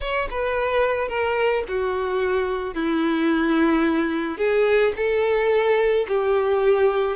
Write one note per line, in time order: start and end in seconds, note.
0.01 0.28 C#5
0.30 1.08 B4
1.08 1.63 A#4
1.68 2.74 F#4
2.74 4.37 E4
4.37 4.92 G#4
4.96 6.06 A4
6.08 7.16 G4